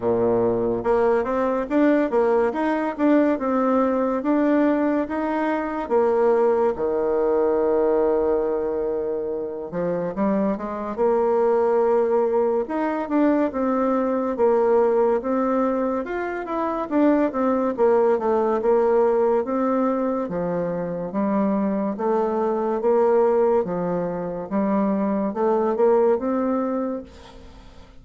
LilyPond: \new Staff \with { instrumentName = "bassoon" } { \time 4/4 \tempo 4 = 71 ais,4 ais8 c'8 d'8 ais8 dis'8 d'8 | c'4 d'4 dis'4 ais4 | dis2.~ dis8 f8 | g8 gis8 ais2 dis'8 d'8 |
c'4 ais4 c'4 f'8 e'8 | d'8 c'8 ais8 a8 ais4 c'4 | f4 g4 a4 ais4 | f4 g4 a8 ais8 c'4 | }